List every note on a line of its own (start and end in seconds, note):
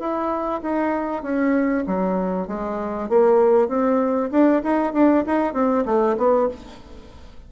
0.00 0.62 E4
0.62 1.23 D#4
1.23 1.85 C#4
1.87 2.48 F#3
2.48 3.09 G#3
3.09 3.69 A#3
3.69 4.30 C4
4.32 4.63 D4
4.63 4.93 D#4
4.93 5.24 D4
5.27 5.54 D#4
5.54 5.85 C4
5.86 6.17 A3
6.18 6.49 B3